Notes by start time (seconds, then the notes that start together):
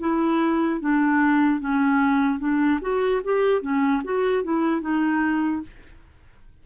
0.00 E4
0.81 D4
1.60 C#4
2.40 D4
2.82 F#4
3.24 G4
3.62 C#4
4.04 F#4
4.44 E4
4.81 D#4